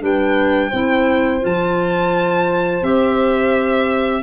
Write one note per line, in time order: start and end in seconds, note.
0.00 0.73 G3
0.00 0.71 D4
0.00 0.70 B4
0.00 1.46 G5
0.70 1.44 C4
0.70 1.41 E4
0.70 4.23 C5
1.41 2.82 F3
1.41 2.82 F4
1.41 2.84 A5
2.82 4.23 C4
2.82 4.23 G4
2.82 4.23 E5